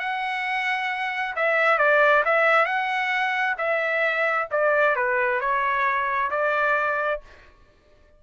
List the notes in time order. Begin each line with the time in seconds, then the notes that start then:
0.00 F#5
1.36 E5
1.79 D5
2.25 E5
2.66 F#5
3.58 E5
4.51 D5
4.96 B4
5.41 C#5
6.31 D5